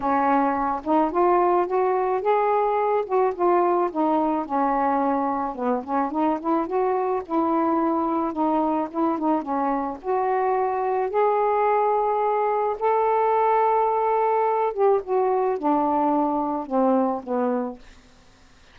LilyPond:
\new Staff \with { instrumentName = "saxophone" } { \time 4/4 \tempo 4 = 108 cis'4. dis'8 f'4 fis'4 | gis'4. fis'8 f'4 dis'4 | cis'2 b8 cis'8 dis'8 e'8 | fis'4 e'2 dis'4 |
e'8 dis'8 cis'4 fis'2 | gis'2. a'4~ | a'2~ a'8 g'8 fis'4 | d'2 c'4 b4 | }